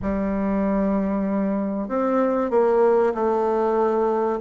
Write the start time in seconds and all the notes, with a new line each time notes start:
0.02 G3
1.88 C4
2.50 A#3
3.14 A3